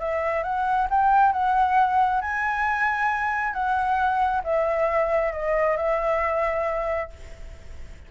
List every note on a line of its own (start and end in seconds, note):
0.00 0.43 E5
0.43 0.88 F#5
0.91 1.33 G5
1.33 2.21 F#5
2.21 3.54 G#5
3.54 4.42 F#5
4.44 5.33 E5
5.33 5.77 D#5
5.77 7.11 E5